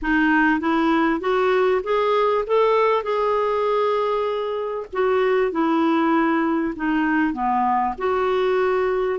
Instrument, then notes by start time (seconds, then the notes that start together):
clarinet
0.02 D#4
0.60 E4
1.20 F#4
1.83 G#4
2.46 A4
3.03 G#4
4.93 F#4
5.51 E4
6.75 D#4
7.33 B3
7.97 F#4